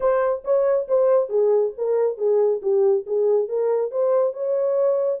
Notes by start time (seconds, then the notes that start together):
0.00 C5
0.44 C#5
0.88 C5
1.29 G#4
1.77 A#4
2.17 G#4
2.61 G4
3.06 G#4
3.48 A#4
3.91 C5
4.33 C#5